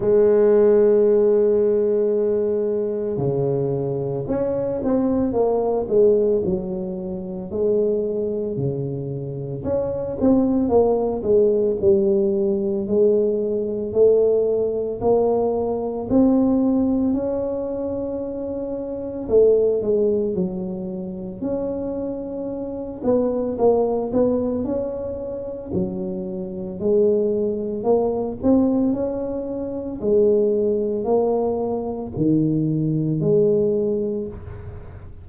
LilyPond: \new Staff \with { instrumentName = "tuba" } { \time 4/4 \tempo 4 = 56 gis2. cis4 | cis'8 c'8 ais8 gis8 fis4 gis4 | cis4 cis'8 c'8 ais8 gis8 g4 | gis4 a4 ais4 c'4 |
cis'2 a8 gis8 fis4 | cis'4. b8 ais8 b8 cis'4 | fis4 gis4 ais8 c'8 cis'4 | gis4 ais4 dis4 gis4 | }